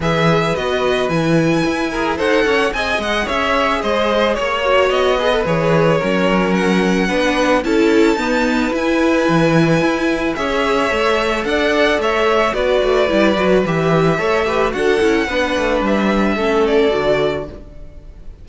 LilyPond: <<
  \new Staff \with { instrumentName = "violin" } { \time 4/4 \tempo 4 = 110 e''4 dis''4 gis''2 | fis''4 gis''8 fis''8 e''4 dis''4 | cis''4 dis''4 cis''2 | fis''2 a''2 |
gis''2. e''4~ | e''4 fis''4 e''4 d''4~ | d''4 e''2 fis''4~ | fis''4 e''4. d''4. | }
  \new Staff \with { instrumentName = "violin" } { \time 4/4 b'2.~ b'8 ais'8 | c''8 cis''8 dis''4 cis''4 c''4 | cis''4. b'4. ais'4~ | ais'4 b'4 a'4 b'4~ |
b'2. cis''4~ | cis''4 d''4 cis''4 b'4~ | b'2 cis''8 b'8 a'4 | b'2 a'2 | }
  \new Staff \with { instrumentName = "viola" } { \time 4/4 gis'4 fis'4 e'4. gis'8 | a'4 gis'2.~ | gis'8 fis'4 gis'16 a'16 gis'4 cis'4~ | cis'4 d'4 e'4 b4 |
e'2. gis'4 | a'2. fis'4 | e'8 fis'8 g'4 a'8 g'8 fis'8 e'8 | d'2 cis'4 fis'4 | }
  \new Staff \with { instrumentName = "cello" } { \time 4/4 e4 b4 e4 e'4 | dis'8 cis'8 c'8 gis8 cis'4 gis4 | ais4 b4 e4 fis4~ | fis4 b4 cis'4 dis'4 |
e'4 e4 e'4 cis'4 | a4 d'4 a4 b8 a8 | g8 fis8 e4 a4 d'8 cis'8 | b8 a8 g4 a4 d4 | }
>>